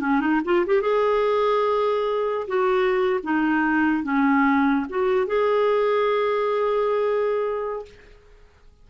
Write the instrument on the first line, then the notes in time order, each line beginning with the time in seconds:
clarinet
0.00 C#4
0.20 D#4
0.45 F4
0.66 G4
0.82 G#4
2.48 F#4
3.23 D#4
4.03 C#4
4.89 F#4
5.27 G#4